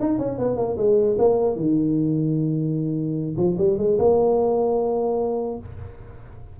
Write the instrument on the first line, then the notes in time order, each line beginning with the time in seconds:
tuba
0.00 D#4
0.18 C#4
0.38 B3
0.57 A#3
0.77 G#3
1.18 A#3
1.56 D#3
3.37 F3
3.58 G3
3.78 G#3
3.98 A#3